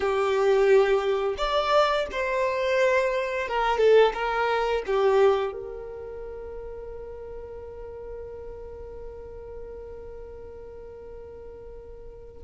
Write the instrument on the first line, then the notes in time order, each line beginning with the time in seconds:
violin
0.00 G4
1.37 D5
2.11 C5
3.48 A#4
3.78 A4
4.13 A#4
4.86 G4
5.53 A#4